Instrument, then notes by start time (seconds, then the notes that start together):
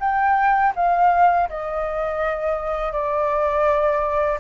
flute
0.00 G5
0.75 F5
1.49 D#5
2.92 D5